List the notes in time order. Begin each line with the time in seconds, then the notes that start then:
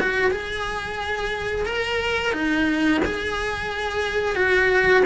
0.00 F#4
0.31 G#4
1.65 A#4
2.32 D#4
3.05 G#4
4.35 F#4